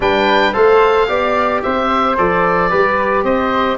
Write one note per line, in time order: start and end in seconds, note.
0.00 0.52 G3
0.00 0.53 D4
0.00 0.53 B4
0.00 0.53 G5
0.53 1.09 A3
0.53 1.07 A4
0.53 1.07 C5
0.53 1.61 F5
1.07 1.63 B3
1.07 2.15 G4
1.07 1.62 D5
1.62 2.17 C4
1.62 2.69 C5
1.62 2.16 E5
2.17 2.72 F3
2.17 2.70 A4
2.17 3.24 D5
2.69 3.23 G3
2.69 3.77 G4
2.69 3.23 B4
3.23 3.77 C4
3.23 3.77 C5
3.23 3.77 D#5